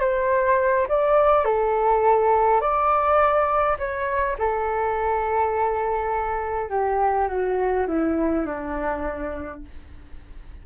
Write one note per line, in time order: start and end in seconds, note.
0.00 0.87 C5
0.89 1.45 D5
1.45 2.61 A4
2.61 3.77 D5
3.79 4.37 C#5
4.39 6.70 A4
6.70 7.28 G4
7.28 7.87 F#4
7.87 8.46 E4
8.46 9.62 D4